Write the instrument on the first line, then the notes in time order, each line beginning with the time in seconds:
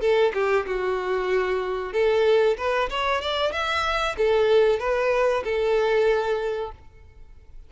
violin
0.00 A4
0.33 G4
0.66 F#4
1.93 A4
2.57 B4
2.90 C#5
3.21 D5
3.52 E5
4.17 A4
4.79 B4
5.44 A4